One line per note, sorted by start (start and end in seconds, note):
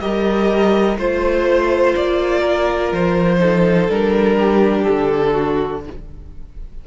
0.00 0.97 G3
0.00 0.98 G4
0.00 0.99 A#4
0.00 0.97 D#5
0.97 1.94 A3
0.97 3.39 F4
0.97 1.95 C5
0.97 2.40 C5
1.96 2.92 A#3
1.96 2.92 D5
2.40 3.36 A#4
2.92 3.89 F3
2.92 3.90 C5
3.39 3.87 D#4
3.39 4.36 A4
3.88 4.86 G3
3.88 5.81 D4
3.88 4.83 A#4
4.36 5.32 G4
4.83 5.80 A4
4.90 5.87 D3
5.32 5.81 F#4